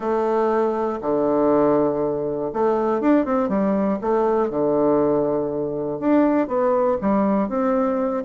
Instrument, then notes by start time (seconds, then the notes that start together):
bassoon
0.00 A3
1.01 D3
2.53 A3
3.00 D4
3.25 C4
3.48 G3
4.01 A3
4.50 D3
5.99 D4
6.47 B3
7.01 G3
7.49 C4